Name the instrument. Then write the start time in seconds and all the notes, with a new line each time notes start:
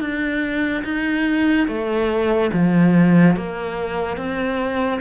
cello
0.00 D4
0.84 D#4
1.68 A3
2.53 F3
3.36 A#3
4.17 C4